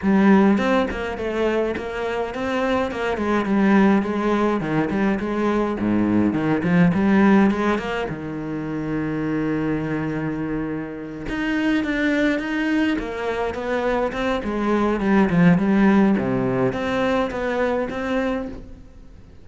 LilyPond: \new Staff \with { instrumentName = "cello" } { \time 4/4 \tempo 4 = 104 g4 c'8 ais8 a4 ais4 | c'4 ais8 gis8 g4 gis4 | dis8 g8 gis4 gis,4 dis8 f8 | g4 gis8 ais8 dis2~ |
dis2.~ dis8 dis'8~ | dis'8 d'4 dis'4 ais4 b8~ | b8 c'8 gis4 g8 f8 g4 | c4 c'4 b4 c'4 | }